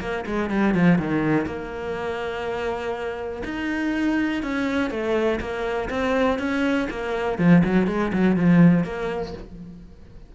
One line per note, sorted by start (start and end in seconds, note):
0.00 0.25 A#3
0.26 0.50 G#3
0.50 0.74 G3
0.74 0.98 F3
0.98 1.46 D#3
1.46 3.43 A#3
3.44 4.43 D#4
4.43 4.90 C#4
4.90 5.39 A3
5.40 5.89 A#3
5.89 6.38 C4
6.39 6.88 C#4
6.90 7.38 A#3
7.38 7.63 F3
7.64 7.87 F#3
7.87 8.12 G#3
8.13 8.36 F#3
8.36 8.84 F3
8.84 9.33 A#3